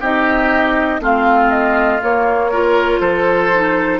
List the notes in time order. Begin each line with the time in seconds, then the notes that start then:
0.00 C4 D#4 G4 D#5
1.00 A3 C4 F4 F5
1.51 D#5
2.02 A#3 C#5
2.51 F4 A#4
3.00 F3 A4 C5
3.53 D#4